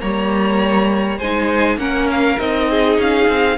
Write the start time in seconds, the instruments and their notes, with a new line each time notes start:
0.00 cello G3, viola A#3, violin C#5 A#5
1.19 cello G#3, viola D#4, violin C5 G#5
1.77 cello A#3, viola C#4, violin A#4 F#5
2.12 violin F5
2.39 cello C4, viola D#4, violin D#5
2.70 violin G#4
2.99 cello C#4, violin F5
3.29 cello C4